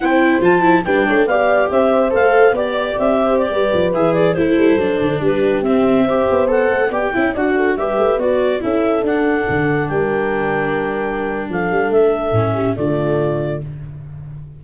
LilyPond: <<
  \new Staff \with { instrumentName = "clarinet" } { \time 4/4 \tempo 4 = 141 g''4 a''4 g''4 f''4 | e''4 f''4 d''4 e''4 | d''4~ d''16 e''8 d''8 c''4.~ c''16~ | c''16 b'4 e''2 fis''8.~ |
fis''16 g''4 fis''4 e''4 d''8.~ | d''16 e''4 fis''2 g''8.~ | g''2. f''4 | e''2 d''2 | }
  \new Staff \with { instrumentName = "horn" } { \time 4/4 c''2 b'8 cis''8 d''4 | c''2 d''4. c''8~ | c''16 b'2 a'4.~ a'16~ | a'16 g'2 c''4.~ c''16~ |
c''16 d''8 e''8 d''8 a'8 b'4.~ b'16~ | b'16 a'2. ais'8.~ | ais'2. a'4~ | a'4. g'8 f'2 | }
  \new Staff \with { instrumentName = "viola" } { \time 4/4 e'4 f'8 e'8 d'4 g'4~ | g'4 a'4 g'2~ | g'4~ g'16 gis'4 e'4 d'8.~ | d'4~ d'16 c'4 g'4 a'8.~ |
a'16 g'8 e'8 fis'4 g'4 fis'8.~ | fis'16 e'4 d'2~ d'8.~ | d'1~ | d'4 cis'4 a2 | }
  \new Staff \with { instrumentName = "tuba" } { \time 4/4 c'4 f4 g8 a8 b4 | c'4 a4 b4 c'4~ | c'16 g8 f8 e4 a8 g8 fis8 d16~ | d16 g4 c'4. b4 a16~ |
a16 b8 cis'8 d'4 g8 a8 b8.~ | b16 cis'4 d'4 d4 g8.~ | g2. f8 g8 | a4 a,4 d2 | }
>>